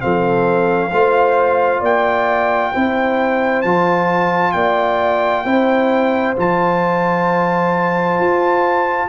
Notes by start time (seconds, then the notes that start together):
0.00 F3 C4 A4 F5
0.91 A3 F4 C5
1.80 A#3 D5 G5
2.72 C4 E4 C5
3.62 F3 F4 A5
4.52 A#3 D5 G5
5.45 C4 E4 C5
6.37 F3 F4 A5
8.20 F4